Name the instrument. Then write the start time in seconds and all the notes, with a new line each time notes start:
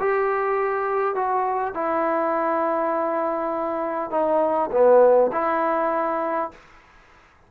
trombone
0.00 G4
1.15 F#4
1.74 E4
4.11 D#4
4.72 B3
5.32 E4